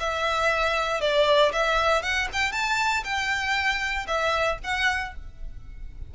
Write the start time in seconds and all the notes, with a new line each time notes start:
0.00 E5
1.01 D5
1.53 E5
2.03 F#5
2.33 G5
2.53 A5
3.04 G5
4.07 E5
4.64 F#5